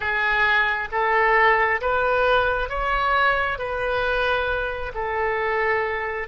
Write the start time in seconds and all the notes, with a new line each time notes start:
0.00 G#4
0.91 A4
1.81 B4
2.69 C#5
3.58 B4
4.94 A4